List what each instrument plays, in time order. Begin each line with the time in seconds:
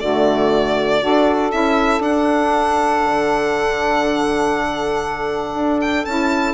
0.00 bassoon D3, saxophone A3 F#4, violin D5
1.00 bassoon D4, saxophone F#4 A4
1.51 bassoon C#4, saxophone E4, violin E5
1.99 bassoon D4, saxophone D4, violin F#5
3.05 bassoon D3
5.55 bassoon D4
5.81 violin G5
6.05 bassoon C#4, saxophone E4, violin A5